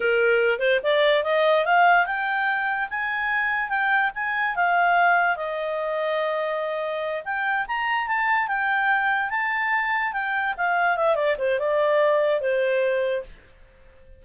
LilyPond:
\new Staff \with { instrumentName = "clarinet" } { \time 4/4 \tempo 4 = 145 ais'4. c''8 d''4 dis''4 | f''4 g''2 gis''4~ | gis''4 g''4 gis''4 f''4~ | f''4 dis''2.~ |
dis''4. g''4 ais''4 a''8~ | a''8 g''2 a''4.~ | a''8 g''4 f''4 e''8 d''8 c''8 | d''2 c''2 | }